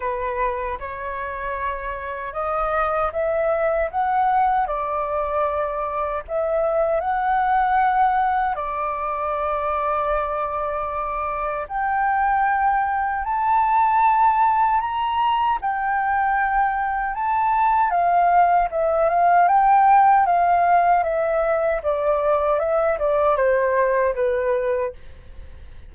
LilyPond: \new Staff \with { instrumentName = "flute" } { \time 4/4 \tempo 4 = 77 b'4 cis''2 dis''4 | e''4 fis''4 d''2 | e''4 fis''2 d''4~ | d''2. g''4~ |
g''4 a''2 ais''4 | g''2 a''4 f''4 | e''8 f''8 g''4 f''4 e''4 | d''4 e''8 d''8 c''4 b'4 | }